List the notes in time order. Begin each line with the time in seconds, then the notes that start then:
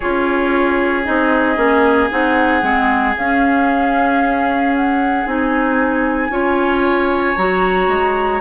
0.00 C#4 F4 G#4 C#5
1.04 C4 D#4 D#5
1.56 A#3 C#4
2.10 C4 D#4 F#5
2.62 G#3 C4
3.16 C#4 F5
4.75 F#5
5.26 C4 D#4 G#5
6.29 C#4 F4 C#5
7.36 F#3 F#4 A#5
7.87 G#3